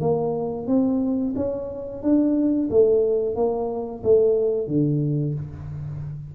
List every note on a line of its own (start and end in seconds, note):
0.00 0.67 A#3
0.67 1.34 C4
1.35 2.02 C#4
2.02 2.68 D4
2.70 3.35 A3
3.35 4.02 A#3
4.03 4.67 A3
4.67 5.34 D3